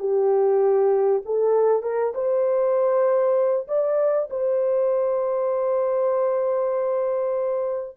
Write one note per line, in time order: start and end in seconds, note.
0.00 1.22 G4
1.26 1.83 A4
1.83 2.13 A#4
2.15 3.68 C5
3.68 4.29 D5
4.31 7.98 C5